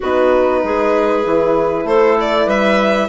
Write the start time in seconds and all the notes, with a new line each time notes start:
0.00 B3 D#4 F#4 B4
0.63 G#3 G#4
1.24 E3 E4
1.84 A3 A4 C5
2.20 D5
2.45 G3 B4 E5